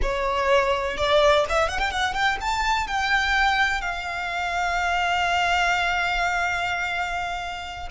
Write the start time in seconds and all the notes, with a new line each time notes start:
0.02 C#5
0.97 D5
1.49 E5
1.68 F#5
1.78 G5
1.90 F#5
2.13 G5
2.40 A5
2.87 G5
3.81 F5